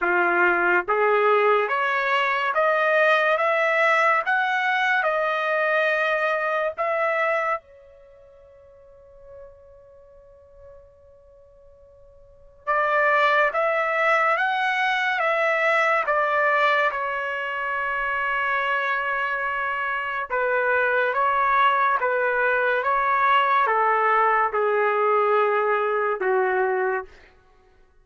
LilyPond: \new Staff \with { instrumentName = "trumpet" } { \time 4/4 \tempo 4 = 71 f'4 gis'4 cis''4 dis''4 | e''4 fis''4 dis''2 | e''4 cis''2.~ | cis''2. d''4 |
e''4 fis''4 e''4 d''4 | cis''1 | b'4 cis''4 b'4 cis''4 | a'4 gis'2 fis'4 | }